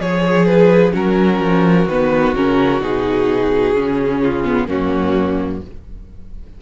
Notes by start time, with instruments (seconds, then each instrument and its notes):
0.00 cello F3, viola G#4, violin G#4 C#5
0.46 violin B4
0.93 cello F#3, viola C#4, violin F#4 A#4
1.40 cello F3
1.88 cello D#3, viola B3, violin B4
2.36 cello C#3, viola C#4, violin A#4
2.81 cello B2, viola D#4, violin G#4
3.74 cello C#3, viola C#4
4.23 violin F4
4.45 viola B3
4.68 cello F#2, viola A#3, violin C#4 F#4